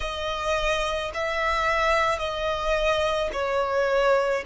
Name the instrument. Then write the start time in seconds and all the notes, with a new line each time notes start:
violin
0.00 D#5
1.14 E5
2.19 D#5
3.32 C#5